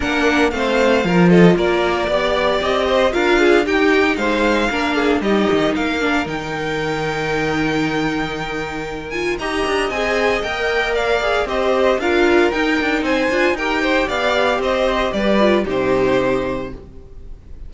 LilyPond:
<<
  \new Staff \with { instrumentName = "violin" } { \time 4/4 \tempo 4 = 115 fis''4 f''4. dis''8 d''4~ | d''4 dis''4 f''4 g''4 | f''2 dis''4 f''4 | g''1~ |
g''4. gis''8 ais''4 gis''4 | g''4 f''4 dis''4 f''4 | g''4 gis''4 g''4 f''4 | dis''4 d''4 c''2 | }
  \new Staff \with { instrumentName = "violin" } { \time 4/4 ais'4 c''4 ais'8 a'8 ais'4 | d''4. c''8 ais'8 gis'8 g'4 | c''4 ais'8 gis'8 g'4 ais'4~ | ais'1~ |
ais'2 dis''2~ | dis''4 d''4 c''4 ais'4~ | ais'4 c''4 ais'8 c''8 d''4 | c''4 b'4 g'2 | }
  \new Staff \with { instrumentName = "viola" } { \time 4/4 d'4 c'4 f'2 | g'2 f'4 dis'4~ | dis'4 d'4 dis'4. d'8 | dis'1~ |
dis'4. f'8 g'4 gis'4 | ais'4. gis'8 g'4 f'4 | dis'4. f'8 g'2~ | g'4. f'8 dis'2 | }
  \new Staff \with { instrumentName = "cello" } { \time 4/4 ais4 a4 f4 ais4 | b4 c'4 d'4 dis'4 | gis4 ais4 g8 dis8 ais4 | dis1~ |
dis2 dis'8 d'8 c'4 | ais2 c'4 d'4 | dis'8 d'8 c'8 d'8 dis'4 b4 | c'4 g4 c2 | }
>>